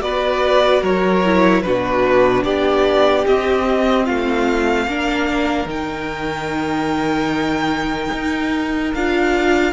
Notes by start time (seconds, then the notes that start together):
0.00 B3 F#4 B4 D5
0.81 F#3 A#4 C#5
1.24 E4
1.62 B2 D4 F#4 B4
2.43 B3 G4 D5
3.26 C4 D#5
4.04 A3 F4 F5
4.86 A#3 D4 A#4
5.65 D#3 D#4 G5
8.12 D#4
8.94 D4 F4 F5